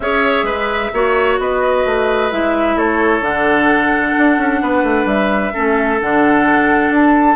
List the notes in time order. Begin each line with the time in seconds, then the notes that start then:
0.00 C#4 G#4 C#5 E5
0.43 G#3 B4
0.93 A#3 F#4 C#5
1.38 B3 B4 D#5
1.85 A3
2.31 G#3 E4 E5
2.76 A3 A4 C#5
3.20 D3 D4 F#5
4.17 D4
4.37 C#4
4.62 B3 B4
4.83 A3
5.05 G3 E5
5.53 A3 C#4 A4
6.00 D3 D4 F#5
6.90 D4 A5